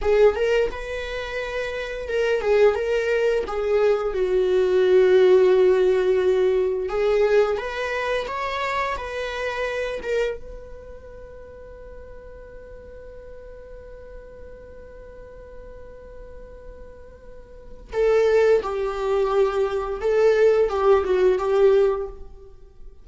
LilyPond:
\new Staff \with { instrumentName = "viola" } { \time 4/4 \tempo 4 = 87 gis'8 ais'8 b'2 ais'8 gis'8 | ais'4 gis'4 fis'2~ | fis'2 gis'4 b'4 | cis''4 b'4. ais'8 b'4~ |
b'1~ | b'1~ | b'2 a'4 g'4~ | g'4 a'4 g'8 fis'8 g'4 | }